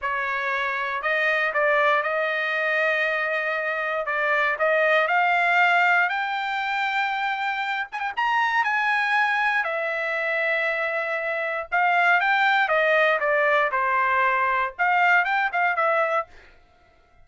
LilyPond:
\new Staff \with { instrumentName = "trumpet" } { \time 4/4 \tempo 4 = 118 cis''2 dis''4 d''4 | dis''1 | d''4 dis''4 f''2 | g''2.~ g''8 gis''16 g''16 |
ais''4 gis''2 e''4~ | e''2. f''4 | g''4 dis''4 d''4 c''4~ | c''4 f''4 g''8 f''8 e''4 | }